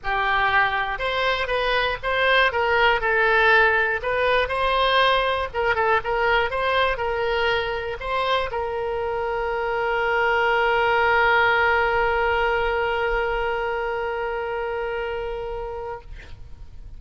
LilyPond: \new Staff \with { instrumentName = "oboe" } { \time 4/4 \tempo 4 = 120 g'2 c''4 b'4 | c''4 ais'4 a'2 | b'4 c''2 ais'8 a'8 | ais'4 c''4 ais'2 |
c''4 ais'2.~ | ais'1~ | ais'1~ | ais'1 | }